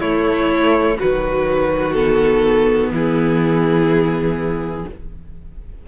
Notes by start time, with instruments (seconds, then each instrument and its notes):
0.00 cello A3, viola A3, violin E4 C#5
0.99 cello D#3, viola F#3, violin F#4 B4
1.93 viola B3, violin A4
2.91 cello E3, violin E4 G#4